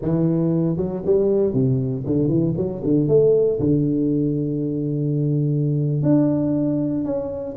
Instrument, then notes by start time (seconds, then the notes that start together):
tuba
0.02 E3
0.76 F#3
1.05 G3
1.53 C3
2.06 D3
2.28 E3
2.56 F#3
2.83 D3
3.07 A3
3.59 D3
6.02 D4
7.04 C#4